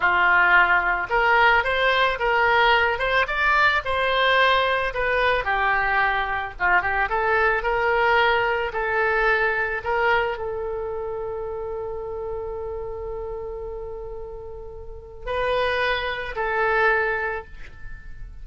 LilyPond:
\new Staff \with { instrumentName = "oboe" } { \time 4/4 \tempo 4 = 110 f'2 ais'4 c''4 | ais'4. c''8 d''4 c''4~ | c''4 b'4 g'2 | f'8 g'8 a'4 ais'2 |
a'2 ais'4 a'4~ | a'1~ | a'1 | b'2 a'2 | }